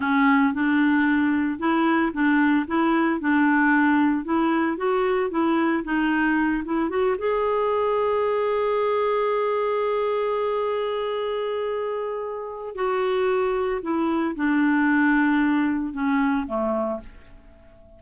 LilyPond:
\new Staff \with { instrumentName = "clarinet" } { \time 4/4 \tempo 4 = 113 cis'4 d'2 e'4 | d'4 e'4 d'2 | e'4 fis'4 e'4 dis'4~ | dis'8 e'8 fis'8 gis'2~ gis'8~ |
gis'1~ | gis'1 | fis'2 e'4 d'4~ | d'2 cis'4 a4 | }